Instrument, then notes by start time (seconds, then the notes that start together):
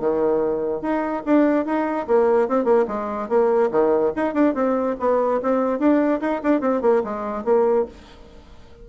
bassoon
0.00 D#3
0.82 D#4
1.26 D4
1.66 D#4
2.08 A#3
2.49 C4
2.65 A#3
2.88 G#3
3.29 A#3
3.71 D#3
4.16 D#4
4.34 D4
4.55 C4
5.00 B3
5.43 C4
5.80 D4
6.21 D#4
6.44 D4
6.61 C4
6.82 A#3
7.05 G#3
7.45 A#3